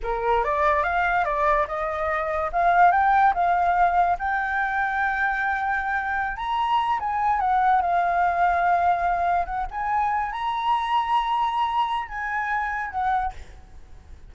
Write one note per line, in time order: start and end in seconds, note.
0.02 0.43 A#4
0.43 0.83 D5
0.83 1.24 F5
1.24 1.66 D5
1.67 2.50 D#5
2.52 2.91 F5
2.91 3.33 G5
3.34 4.17 F5
4.19 6.36 G5
6.36 6.99 A#5
6.99 7.40 G#5
7.40 7.81 F#5
7.81 9.45 F5
9.45 9.66 F#5
9.71 10.31 G#5
10.31 12.08 A#5
12.08 12.91 G#5
12.91 13.32 F#5